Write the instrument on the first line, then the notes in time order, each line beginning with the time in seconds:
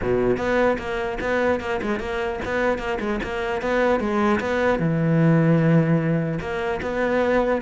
cello
0.01 B2
0.37 B3
0.78 A#3
1.20 B3
1.60 A#3
1.82 G#3
1.99 A#3
2.44 B3
2.78 A#3
2.99 G#3
3.23 A#3
3.61 B3
3.99 G#3
4.40 B3
4.79 E3
6.40 A#3
6.82 B3